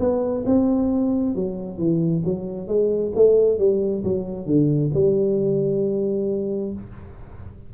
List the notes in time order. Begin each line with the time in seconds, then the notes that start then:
0.00 B3
0.46 C4
1.36 F#3
1.78 E3
2.25 F#3
2.68 G#3
3.15 A3
3.59 G3
4.04 F#3
4.47 D3
4.95 G3